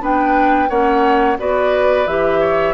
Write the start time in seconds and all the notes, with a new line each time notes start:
0.00 B3 D4 B4 G5
0.69 A#3 C#4 C#5 F#5
1.38 B3 F#4 B4 D5
2.06 E3 G4 E5
2.40 C#5